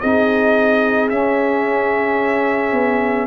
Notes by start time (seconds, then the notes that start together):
0.00 C4 D#4 G#4 D#5
1.10 C#4 E5
2.72 B3